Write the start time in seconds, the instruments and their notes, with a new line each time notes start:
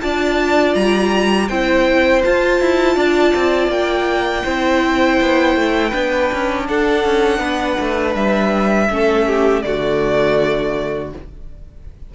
0.00 cello D4, viola F4, violin D5 A5
0.75 cello G3, violin A#5
1.48 cello C4, viola E4, violin C5 G5
2.24 viola F4, cello F4, violin A5
2.61 cello E4
2.96 cello D4, violin D5
3.35 cello C4
3.68 cello A#3, violin G5
4.44 cello C4, viola E4, violin C5
5.21 cello B3
5.56 cello A3
5.89 cello B3, viola D4, violin B4
6.33 cello C#4
6.68 cello D4, violin A4 F#5
7.05 cello C#4
7.39 cello B3, violin B4
7.80 cello A3
8.15 cello G3, violin E5
8.90 cello A3, viola C#4, violin A4
9.27 violin G4
9.62 cello D3, viola A3, violin F#4 D5